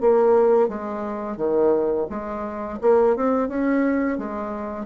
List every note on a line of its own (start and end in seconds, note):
0.00 0.68 A#3
0.68 1.37 G#3
1.37 2.06 D#3
2.09 2.79 G#3
2.81 3.16 A#3
3.16 3.48 C4
3.48 4.18 C#4
4.18 4.86 G#3